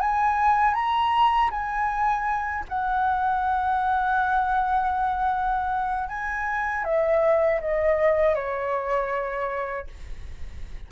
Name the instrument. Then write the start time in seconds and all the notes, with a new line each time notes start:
flute
0.00 G#5
0.74 A#5
1.51 G#5
2.69 F#5
6.09 G#5
6.84 E5
7.60 D#5
8.35 C#5